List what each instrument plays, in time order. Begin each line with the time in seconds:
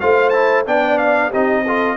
0.00 tuba A3, trombone F4, horn C5, trumpet F5
0.30 trombone E4, trumpet A5
0.66 tuba B3, trombone D4, horn D5, trumpet G5
0.98 trumpet F5
1.29 tuba C4, trombone D#4, horn G4, trumpet D#5
1.64 trombone F4, horn A4